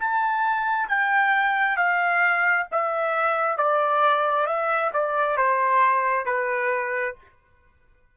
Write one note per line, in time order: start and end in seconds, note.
0.00 0.89 A5
0.89 1.77 G5
1.77 2.67 F5
2.72 3.58 E5
3.58 4.47 D5
4.47 4.91 E5
4.94 5.38 D5
5.38 6.26 C5
6.26 7.16 B4